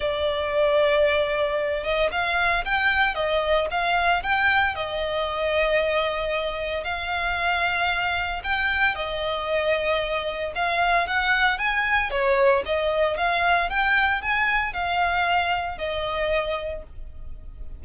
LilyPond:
\new Staff \with { instrumentName = "violin" } { \time 4/4 \tempo 4 = 114 d''2.~ d''8 dis''8 | f''4 g''4 dis''4 f''4 | g''4 dis''2.~ | dis''4 f''2. |
g''4 dis''2. | f''4 fis''4 gis''4 cis''4 | dis''4 f''4 g''4 gis''4 | f''2 dis''2 | }